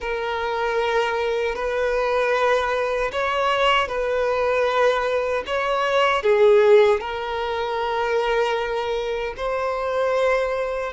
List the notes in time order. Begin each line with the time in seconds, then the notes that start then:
0.00 A#4
1.55 B4
3.12 C#5
3.87 B4
5.46 C#5
6.22 G#4
7.00 A#4
9.36 C5